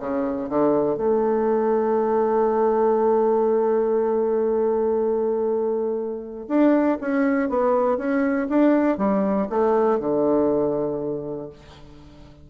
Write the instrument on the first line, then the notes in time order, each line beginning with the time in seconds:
bassoon
0.00 C#3
0.50 D3
0.97 A3
6.49 D4
7.01 C#4
7.50 B3
7.98 C#4
8.50 D4
8.98 G3
9.50 A3
10.00 D3